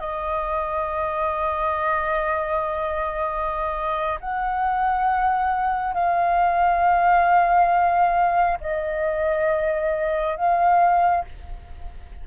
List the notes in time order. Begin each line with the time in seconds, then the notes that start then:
0.00 D#5
4.20 F#5
5.94 F5
8.61 D#5
10.36 F5